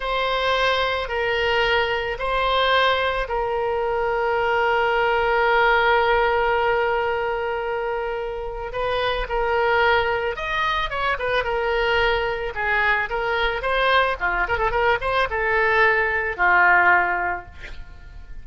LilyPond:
\new Staff \with { instrumentName = "oboe" } { \time 4/4 \tempo 4 = 110 c''2 ais'2 | c''2 ais'2~ | ais'1~ | ais'1 |
b'4 ais'2 dis''4 | cis''8 b'8 ais'2 gis'4 | ais'4 c''4 f'8 ais'16 a'16 ais'8 c''8 | a'2 f'2 | }